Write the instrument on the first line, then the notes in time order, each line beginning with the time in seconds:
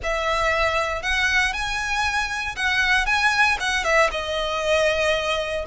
violin
0.03 E5
1.02 F#5
1.53 G#5
2.56 F#5
3.06 G#5
3.59 F#5
3.84 E5
4.11 D#5